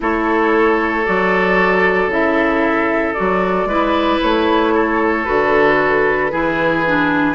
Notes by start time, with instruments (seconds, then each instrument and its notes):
0.00 bassoon A3, clarinet E4, oboe A4, flute C#5
1.05 bassoon F#3, clarinet F#4, flute D5
2.07 bassoon C#3, clarinet E4, flute E5
3.13 bassoon F#3, clarinet F#4, flute D5
3.64 bassoon G#3, clarinet E4, oboe B4
4.21 bassoon A3, flute C#5
4.74 oboe A4
5.24 bassoon D3, clarinet F#4, flute B4
6.31 bassoon E3, clarinet E4, oboe G#4
6.86 clarinet D4